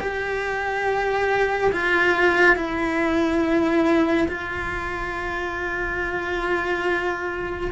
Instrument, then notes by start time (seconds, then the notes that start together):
cello
0.00 G4
1.72 F4
2.56 E4
4.28 F4